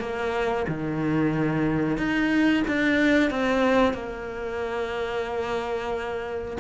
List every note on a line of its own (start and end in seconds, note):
0.00 0.66 A#3
0.68 1.97 D#3
1.97 2.63 D#4
2.68 3.31 D4
3.31 3.94 C4
3.94 6.57 A#3